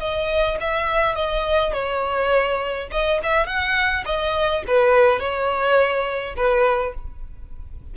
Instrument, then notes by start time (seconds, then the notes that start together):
violin
0.00 D#5
0.61 E5
1.16 D#5
1.74 C#5
2.92 D#5
3.23 E5
3.47 F#5
4.06 D#5
4.68 B4
5.20 C#5
6.37 B4